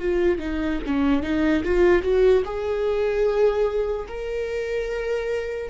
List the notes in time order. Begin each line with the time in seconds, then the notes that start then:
0.00 F4
0.39 D#4
0.87 C#4
1.23 D#4
1.64 F4
2.03 F#4
2.45 G#4
4.08 A#4